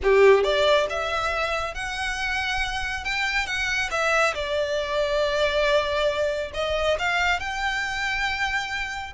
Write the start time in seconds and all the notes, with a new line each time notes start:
0.02 G4
0.43 D5
0.89 E5
1.74 F#5
3.04 G5
3.46 F#5
3.90 E5
4.34 D5
6.54 D#5
6.98 F5
7.39 G5